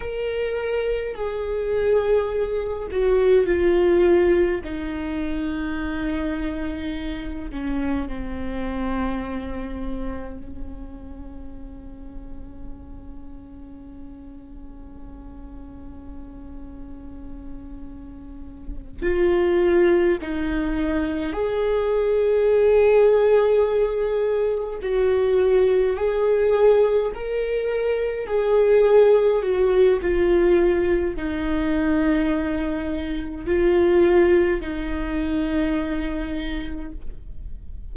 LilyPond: \new Staff \with { instrumentName = "viola" } { \time 4/4 \tempo 4 = 52 ais'4 gis'4. fis'8 f'4 | dis'2~ dis'8 cis'8 c'4~ | c'4 cis'2.~ | cis'1~ |
cis'8 f'4 dis'4 gis'4.~ | gis'4. fis'4 gis'4 ais'8~ | ais'8 gis'4 fis'8 f'4 dis'4~ | dis'4 f'4 dis'2 | }